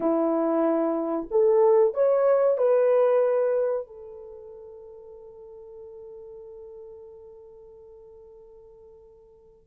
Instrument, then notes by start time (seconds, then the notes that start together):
horn
0.00 E4
1.30 A4
1.94 C#5
2.57 B4
3.87 A4